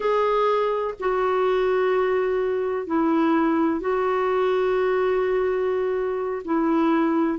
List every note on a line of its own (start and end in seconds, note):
0.00 0.94 G#4
0.99 2.86 F#4
2.86 3.80 E4
3.80 6.42 F#4
6.45 7.38 E4